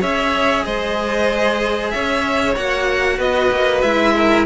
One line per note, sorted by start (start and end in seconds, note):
0.00 0.66 C#4
0.00 2.55 G#4
0.00 0.65 C#5
0.00 0.65 E5
0.65 1.93 G#3
0.65 1.93 C5
0.65 1.91 D#5
1.91 2.57 C#4
1.91 3.18 C#5
1.91 2.55 E5
2.56 3.19 A#3
2.56 3.83 F#4
2.56 3.20 F#5
3.18 3.51 B3
3.18 4.14 B4
3.18 3.82 D#5
3.52 3.83 A#3
3.82 4.46 G#3
3.82 4.46 E4
3.82 4.46 E5
4.16 4.46 A#4